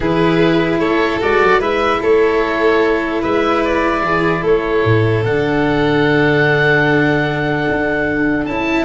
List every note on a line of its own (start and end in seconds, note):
0.00 0.78 E3
0.00 1.20 E4
0.00 0.80 G#4
0.00 0.79 B4
0.78 1.19 A3
0.78 1.59 A4
0.78 1.19 C#5
1.20 1.41 G#3
1.20 1.60 F#4
1.20 1.61 D5
1.41 1.59 F#3
1.59 1.99 G#3
1.59 5.22 E4
1.59 1.99 B4
1.59 2.01 E5
2.01 3.23 A3
2.01 3.21 A4
2.01 3.22 C#5
3.21 4.02 G#3
3.21 4.02 B4
3.21 3.63 E5
3.64 4.44 D5
4.02 4.42 E3
4.02 4.41 G#4
4.41 4.83 A3
4.41 8.84 A4
4.41 5.24 C#5
4.84 5.24 A2
5.24 7.66 D3
5.24 8.47 D4
5.24 8.45 F#5
7.69 8.45 D4
8.45 8.85 C#4
8.45 8.85 E4
8.45 8.85 A5